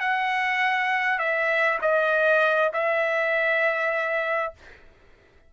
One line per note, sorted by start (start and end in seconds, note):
0.00 1.19 F#5
1.19 1.79 E5
1.82 2.72 D#5
2.73 4.53 E5